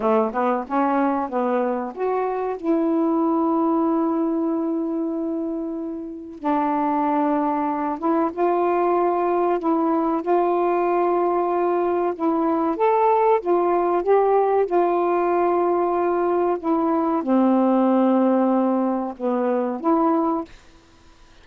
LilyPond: \new Staff \with { instrumentName = "saxophone" } { \time 4/4 \tempo 4 = 94 a8 b8 cis'4 b4 fis'4 | e'1~ | e'2 d'2~ | d'8 e'8 f'2 e'4 |
f'2. e'4 | a'4 f'4 g'4 f'4~ | f'2 e'4 c'4~ | c'2 b4 e'4 | }